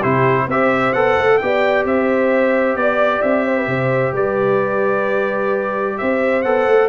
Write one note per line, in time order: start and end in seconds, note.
0.00 0.47 C3
0.00 0.49 E4
0.00 0.46 G4
0.00 0.49 C5
0.47 0.93 C4
0.47 0.95 G4
0.47 1.38 C5
0.47 0.93 E5
0.93 1.17 B3
0.93 1.40 A4
0.93 1.38 F#5
1.18 1.41 A3
1.38 1.85 B3
1.38 6.45 G4
1.38 1.87 D5
1.38 1.84 G5
1.85 2.75 C4
1.85 2.78 C5
1.85 2.76 E5
2.75 3.21 B3
2.75 3.22 D5
2.75 3.46 D5
3.22 3.67 C4
3.22 4.13 E5
3.46 3.57 C5
3.57 3.68 B4
3.67 4.13 C3
3.67 4.13 C5
4.13 5.96 G3
4.13 5.96 B4
4.13 5.98 D5
5.98 6.45 C4
5.98 6.89 C5
5.98 6.42 E5
6.42 6.67 B3
6.42 6.89 A4
6.42 6.88 F#5
6.67 6.89 A3